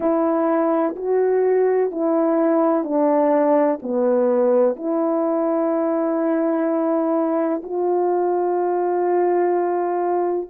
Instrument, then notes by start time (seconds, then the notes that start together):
horn
0.00 E4
0.95 F#4
1.90 E4
2.84 D4
3.82 B3
4.76 E4
7.63 F4